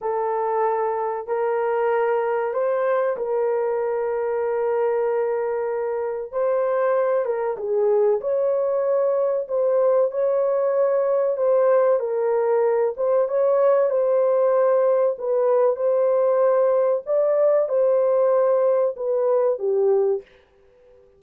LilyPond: \new Staff \with { instrumentName = "horn" } { \time 4/4 \tempo 4 = 95 a'2 ais'2 | c''4 ais'2.~ | ais'2 c''4. ais'8 | gis'4 cis''2 c''4 |
cis''2 c''4 ais'4~ | ais'8 c''8 cis''4 c''2 | b'4 c''2 d''4 | c''2 b'4 g'4 | }